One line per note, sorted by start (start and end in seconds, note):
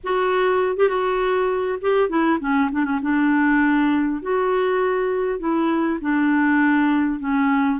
0.03 0.76 F#4
0.76 0.88 G4
0.88 1.78 F#4
1.81 2.09 G4
2.09 2.39 E4
2.39 2.69 C#4
2.71 2.84 D4
2.84 2.99 C#4
3.02 4.22 D4
4.22 5.39 F#4
5.39 5.99 E4
6.01 7.19 D4
7.19 7.79 C#4